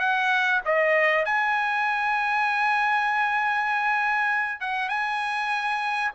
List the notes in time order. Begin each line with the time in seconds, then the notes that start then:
0.00 F#5
0.66 D#5
1.26 G#5
4.61 F#5
4.89 G#5